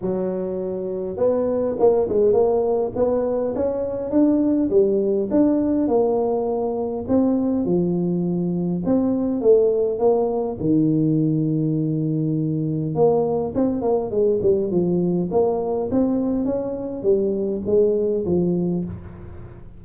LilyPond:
\new Staff \with { instrumentName = "tuba" } { \time 4/4 \tempo 4 = 102 fis2 b4 ais8 gis8 | ais4 b4 cis'4 d'4 | g4 d'4 ais2 | c'4 f2 c'4 |
a4 ais4 dis2~ | dis2 ais4 c'8 ais8 | gis8 g8 f4 ais4 c'4 | cis'4 g4 gis4 f4 | }